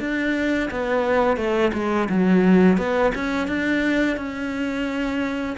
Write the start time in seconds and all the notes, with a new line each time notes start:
0.00 D4
0.71 B3
1.37 A3
1.73 G#3
2.09 F#3
2.78 B3
3.15 C#4
3.48 D4
4.17 C#4